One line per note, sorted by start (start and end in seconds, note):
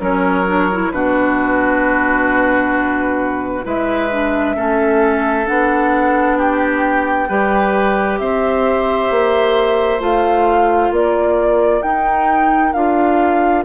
0.00 0.91 F#3
0.00 0.45 C#4
0.00 0.92 A#4
0.00 0.92 C#5
0.48 0.70 D4
0.73 0.94 E4
0.92 3.65 B2
0.92 3.64 D4
0.92 3.65 F#4
0.92 3.65 B4
3.64 4.57 G#3
3.64 4.09 E4
3.64 4.56 B4
3.64 5.47 E5
4.11 4.56 D4
4.56 5.48 A3
4.56 5.46 C#4
4.56 6.38 A4
5.46 7.29 B3
5.46 7.28 D4
5.46 6.38 F#5
6.38 7.29 G4
6.38 8.19 G5
7.29 8.20 G3
7.29 10.00 G4
7.29 8.20 B4
8.19 9.11 C4
8.19 10.93 C5
8.19 10.01 E5
9.11 10.00 A#3
10.00 10.91 A3
10.00 11.82 F4
10.00 10.94 F5
10.91 11.82 A#3
10.91 13.65 A#4
10.91 11.83 D5
11.83 12.74 D#4
11.83 12.76 D#4
11.83 12.73 G5
12.73 13.65 D4
12.73 13.65 F4
12.73 13.64 F5